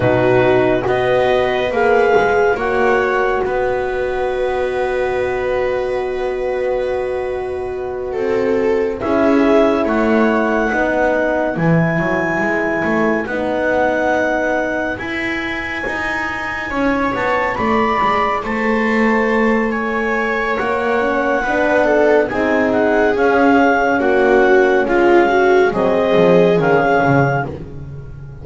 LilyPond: <<
  \new Staff \with { instrumentName = "clarinet" } { \time 4/4 \tempo 4 = 70 b'4 dis''4 f''4 fis''4 | dis''1~ | dis''2~ dis''8 e''4 fis''8~ | fis''4. gis''2 fis''8~ |
fis''4. gis''2~ gis''8 | a''8 b''4 a''4. gis''4 | fis''2 gis''8 fis''8 f''4 | fis''4 f''4 dis''4 f''4 | }
  \new Staff \with { instrumentName = "viola" } { \time 4/4 fis'4 b'2 cis''4 | b'1~ | b'4. a'4 gis'4 cis''8~ | cis''8 b'2.~ b'8~ |
b'2.~ b'8 cis''8~ | cis''8 d''4 c''4. cis''4~ | cis''4 b'8 a'8 gis'2 | fis'4 f'8 fis'8 gis'2 | }
  \new Staff \with { instrumentName = "horn" } { \time 4/4 dis'4 fis'4 gis'4 fis'4~ | fis'1~ | fis'2~ fis'8 e'4.~ | e'8 dis'4 e'2 dis'8~ |
dis'4. e'2~ e'8~ | e'1~ | e'8 cis'8 d'4 dis'4 cis'4~ | cis'2 c'4 cis'4 | }
  \new Staff \with { instrumentName = "double bass" } { \time 4/4 b,4 b4 ais8 gis8 ais4 | b1~ | b4. c'4 cis'4 a8~ | a8 b4 e8 fis8 gis8 a8 b8~ |
b4. e'4 dis'4 cis'8 | b8 a8 gis8 a2~ a8 | ais4 b4 c'4 cis'4 | ais4 gis4 fis8 f8 dis8 cis8 | }
>>